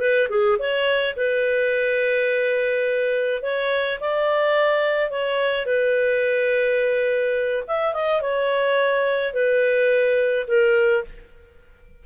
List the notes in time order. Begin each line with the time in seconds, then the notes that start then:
0.00 B4
0.29 G#4
0.59 C#5
1.17 B4
3.42 C#5
4.00 D5
5.10 C#5
5.66 B4
7.68 E5
7.94 D#5
8.22 C#5
9.33 B4
10.47 A#4